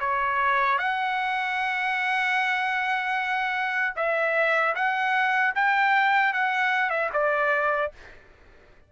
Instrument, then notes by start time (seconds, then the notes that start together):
trumpet
0.00 C#5
0.78 F#5
3.96 E5
4.75 F#5
5.55 G5
6.33 F#5
6.90 E5
7.13 D5